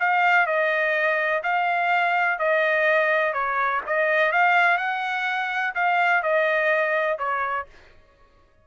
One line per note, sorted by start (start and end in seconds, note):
0.00 0.46 F5
0.46 1.42 D#5
1.44 2.39 F5
2.39 3.33 D#5
3.33 3.81 C#5
3.87 4.32 D#5
4.32 4.78 F5
4.78 5.74 F#5
5.75 6.23 F5
6.23 7.18 D#5
7.18 7.66 C#5